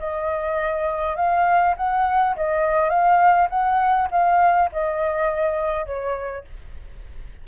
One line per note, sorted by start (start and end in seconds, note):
0.00 1.17 D#5
1.17 1.76 F5
1.78 2.36 F#5
2.37 2.90 D#5
2.90 3.49 F5
3.50 4.09 F#5
4.11 4.70 F5
4.73 5.86 D#5
5.86 6.45 C#5